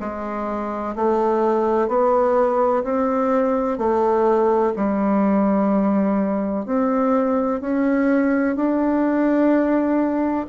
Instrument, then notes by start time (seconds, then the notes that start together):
bassoon
0.00 G#3
0.96 A3
1.88 B3
2.84 C4
3.78 A3
4.76 G3
6.66 C4
7.61 C#4
8.56 D4